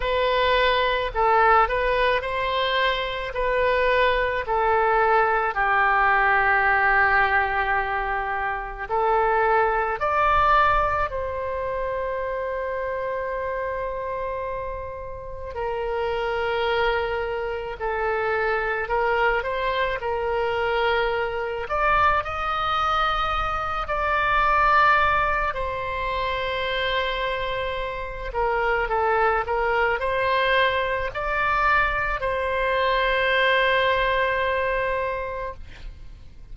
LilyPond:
\new Staff \with { instrumentName = "oboe" } { \time 4/4 \tempo 4 = 54 b'4 a'8 b'8 c''4 b'4 | a'4 g'2. | a'4 d''4 c''2~ | c''2 ais'2 |
a'4 ais'8 c''8 ais'4. d''8 | dis''4. d''4. c''4~ | c''4. ais'8 a'8 ais'8 c''4 | d''4 c''2. | }